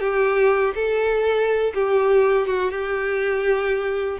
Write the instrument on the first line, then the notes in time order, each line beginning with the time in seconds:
violin
0.00 G4
0.75 A4
1.74 G4
2.47 F#4
2.71 G4